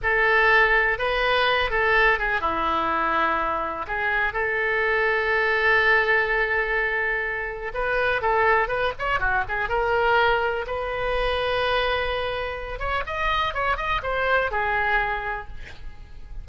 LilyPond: \new Staff \with { instrumentName = "oboe" } { \time 4/4 \tempo 4 = 124 a'2 b'4. a'8~ | a'8 gis'8 e'2. | gis'4 a'2.~ | a'1 |
b'4 a'4 b'8 cis''8 fis'8 gis'8 | ais'2 b'2~ | b'2~ b'8 cis''8 dis''4 | cis''8 dis''8 c''4 gis'2 | }